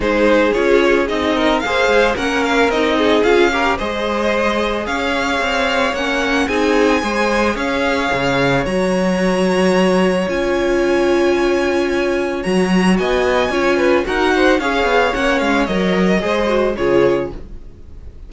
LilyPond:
<<
  \new Staff \with { instrumentName = "violin" } { \time 4/4 \tempo 4 = 111 c''4 cis''4 dis''4 f''4 | fis''8 f''8 dis''4 f''4 dis''4~ | dis''4 f''2 fis''4 | gis''2 f''2 |
ais''2. gis''4~ | gis''2. ais''4 | gis''2 fis''4 f''4 | fis''8 f''8 dis''2 cis''4 | }
  \new Staff \with { instrumentName = "violin" } { \time 4/4 gis'2~ gis'8 ais'8 c''4 | ais'4. gis'4 ais'8 c''4~ | c''4 cis''2. | gis'4 c''4 cis''2~ |
cis''1~ | cis''1 | dis''4 cis''8 b'8 ais'8 c''8 cis''4~ | cis''2 c''4 gis'4 | }
  \new Staff \with { instrumentName = "viola" } { \time 4/4 dis'4 f'4 dis'4 gis'4 | cis'4 dis'4 f'8 g'8 gis'4~ | gis'2. cis'4 | dis'4 gis'2. |
fis'2. f'4~ | f'2. fis'4~ | fis'4 f'4 fis'4 gis'4 | cis'4 ais'4 gis'8 fis'8 f'4 | }
  \new Staff \with { instrumentName = "cello" } { \time 4/4 gis4 cis'4 c'4 ais8 gis8 | ais4 c'4 cis'4 gis4~ | gis4 cis'4 c'4 ais4 | c'4 gis4 cis'4 cis4 |
fis2. cis'4~ | cis'2. fis4 | b4 cis'4 dis'4 cis'8 b8 | ais8 gis8 fis4 gis4 cis4 | }
>>